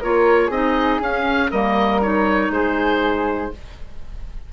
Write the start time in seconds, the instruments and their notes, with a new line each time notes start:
0.00 bassoon A#3, clarinet F4, flute A#4, oboe C#5
0.47 bassoon C4, clarinet D#4, flute G#4, oboe D#5
1.01 bassoon C#4, clarinet C#4, oboe F5
1.51 bassoon G3, clarinet A#3, flute A#4, oboe D#5
2.02 clarinet D#4, oboe C#5
2.50 bassoon G#3, flute G#4, oboe C5